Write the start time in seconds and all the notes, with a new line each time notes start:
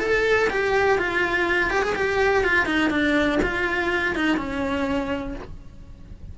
0.00 A4
0.50 G4
0.98 F4
1.70 G4
1.82 G#4
1.95 G4
2.44 F4
2.66 D#4
2.90 D4
3.43 F4
4.16 D#4
4.37 C#4